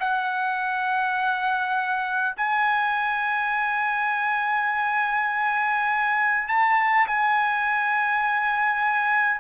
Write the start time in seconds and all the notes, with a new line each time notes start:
0.00 F#5
2.37 G#5
6.48 A5
7.07 G#5